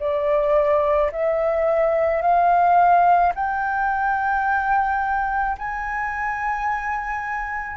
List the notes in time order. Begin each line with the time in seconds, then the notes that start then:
0.00 D5
1.12 E5
2.22 F5
3.35 G5
5.59 G#5